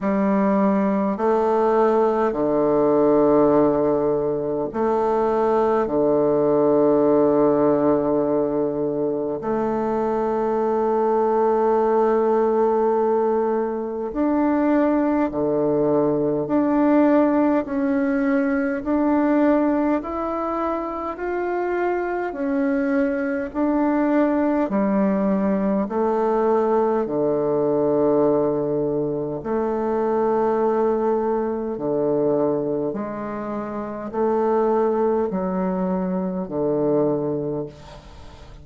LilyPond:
\new Staff \with { instrumentName = "bassoon" } { \time 4/4 \tempo 4 = 51 g4 a4 d2 | a4 d2. | a1 | d'4 d4 d'4 cis'4 |
d'4 e'4 f'4 cis'4 | d'4 g4 a4 d4~ | d4 a2 d4 | gis4 a4 fis4 d4 | }